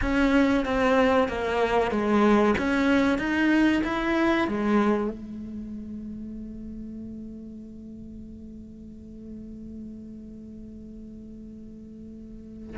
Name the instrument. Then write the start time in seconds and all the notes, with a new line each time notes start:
cello
0.01 C#4
0.65 C4
1.28 A#3
1.91 G#3
2.58 C#4
3.18 D#4
3.84 E4
4.47 G#3
5.10 A3